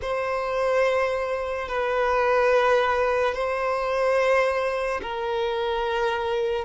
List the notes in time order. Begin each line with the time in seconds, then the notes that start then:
0.01 C5
1.68 B4
3.34 C5
5.02 A#4